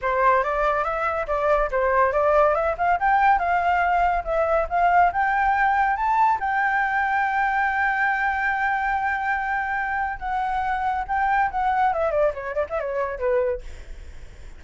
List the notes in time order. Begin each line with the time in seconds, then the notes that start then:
0.01 C5
0.43 D5
0.84 E5
1.27 D5
1.71 C5
2.12 D5
2.55 E5
2.77 F5
2.99 G5
3.38 F5
4.24 E5
4.69 F5
5.12 G5
5.96 A5
6.40 G5
10.19 F#5
11.07 G5
11.50 F#5
11.93 E5
12.11 D5
12.34 C#5
12.55 D5
12.69 E5
12.79 C#5
13.18 B4